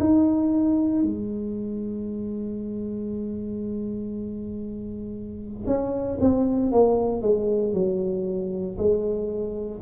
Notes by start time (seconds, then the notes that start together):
0.00 D#4
1.03 G#3
5.67 C#4
6.20 C4
6.72 A#3
7.22 G#3
7.74 F#3
8.78 G#3